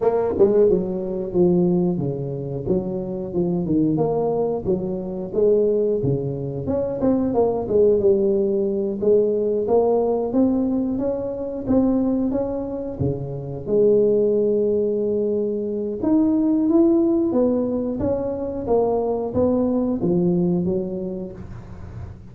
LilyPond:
\new Staff \with { instrumentName = "tuba" } { \time 4/4 \tempo 4 = 90 ais8 gis8 fis4 f4 cis4 | fis4 f8 dis8 ais4 fis4 | gis4 cis4 cis'8 c'8 ais8 gis8 | g4. gis4 ais4 c'8~ |
c'8 cis'4 c'4 cis'4 cis8~ | cis8 gis2.~ gis8 | dis'4 e'4 b4 cis'4 | ais4 b4 f4 fis4 | }